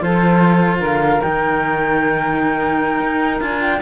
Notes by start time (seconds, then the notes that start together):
0.00 F3 F4 A4 C5
0.79 D3 A#4 F5
1.22 D#3 D#4 G5
3.00 D#4
3.41 D4 F4 G#5
3.62 G5